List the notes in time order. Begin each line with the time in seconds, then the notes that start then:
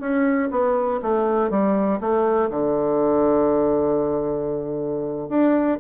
0.00 C#4
0.51 B3
1.02 A3
1.50 G3
2.00 A3
2.50 D3
5.29 D4